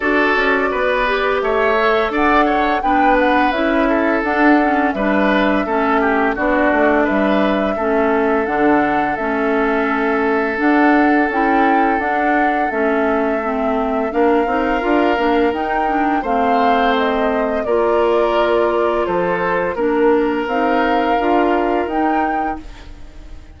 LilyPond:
<<
  \new Staff \with { instrumentName = "flute" } { \time 4/4 \tempo 4 = 85 d''2 e''4 fis''4 | g''8 fis''8 e''4 fis''4 e''4~ | e''4 d''4 e''2 | fis''4 e''2 fis''4 |
g''4 fis''4 e''2 | f''2 g''4 f''4 | dis''4 d''2 c''4 | ais'4 f''2 g''4 | }
  \new Staff \with { instrumentName = "oboe" } { \time 4/4 a'4 b'4 cis''4 d''8 cis''8 | b'4. a'4. b'4 | a'8 g'8 fis'4 b'4 a'4~ | a'1~ |
a'1 | ais'2. c''4~ | c''4 ais'2 a'4 | ais'1 | }
  \new Staff \with { instrumentName = "clarinet" } { \time 4/4 fis'4. g'4 a'4. | d'4 e'4 d'8 cis'8 d'4 | cis'4 d'2 cis'4 | d'4 cis'2 d'4 |
e'4 d'4 cis'4 c'4 | d'8 dis'8 f'8 d'8 dis'8 d'8 c'4~ | c'4 f'2. | d'4 dis'4 f'4 dis'4 | }
  \new Staff \with { instrumentName = "bassoon" } { \time 4/4 d'8 cis'8 b4 a4 d'4 | b4 cis'4 d'4 g4 | a4 b8 a8 g4 a4 | d4 a2 d'4 |
cis'4 d'4 a2 | ais8 c'8 d'8 ais8 dis'4 a4~ | a4 ais2 f4 | ais4 c'4 d'4 dis'4 | }
>>